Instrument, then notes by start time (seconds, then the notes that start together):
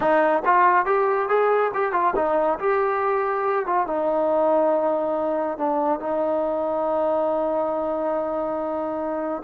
trombone
0.00 D#4
0.45 F4
0.85 G4
1.29 G#4
1.74 G4
1.92 F4
2.15 D#4
2.59 G4
3.65 F4
3.86 D#4
5.57 D4
5.99 D#4